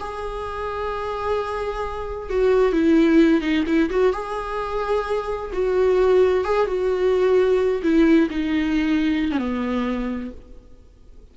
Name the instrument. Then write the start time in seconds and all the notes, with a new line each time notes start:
viola
0.00 G#4
2.30 F#4
2.73 E4
3.41 D#4
3.67 E4
3.90 F#4
4.13 G#4
5.53 F#4
6.44 G#4
6.67 F#4
7.83 E4
8.30 D#4
9.32 C#4
9.38 B3